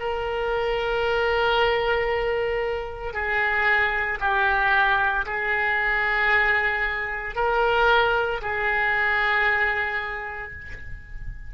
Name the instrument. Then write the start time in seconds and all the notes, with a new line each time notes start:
oboe
0.00 A#4
3.13 G#4
4.21 G4
5.26 G#4
7.36 A#4
8.42 G#4